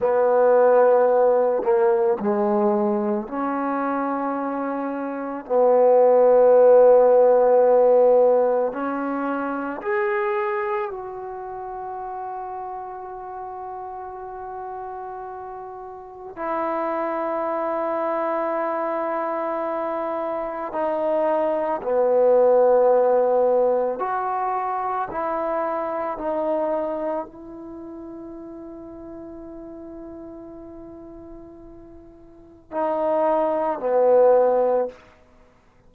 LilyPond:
\new Staff \with { instrumentName = "trombone" } { \time 4/4 \tempo 4 = 55 b4. ais8 gis4 cis'4~ | cis'4 b2. | cis'4 gis'4 fis'2~ | fis'2. e'4~ |
e'2. dis'4 | b2 fis'4 e'4 | dis'4 e'2.~ | e'2 dis'4 b4 | }